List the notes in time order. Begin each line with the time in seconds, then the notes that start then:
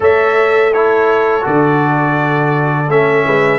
0.00 A3 A4 C#5 E5
0.73 E4 A4 C#5
1.41 D3 F#4 D5
2.87 A3 C#4 E5
3.25 G#3 B4